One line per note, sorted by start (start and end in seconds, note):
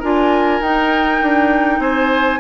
0.00 0.61 D4
0.00 0.62 F4
0.00 1.80 A#4
0.00 0.63 G#5
0.61 1.21 D#4
0.61 2.40 D#4
0.61 1.81 G5
1.22 1.79 D4
1.79 2.39 C4
1.79 2.40 C5
1.79 2.40 G#5